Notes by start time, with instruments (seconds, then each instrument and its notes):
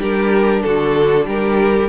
0.00 cello G3, viola D4, violin G4 A#4
0.63 cello D3, violin F#4 A4
1.26 cello G3, violin G4 A#4